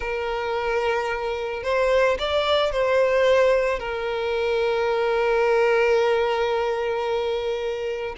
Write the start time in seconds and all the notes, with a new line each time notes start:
0.00 A#4
1.63 C5
2.18 D5
2.71 C5
3.79 A#4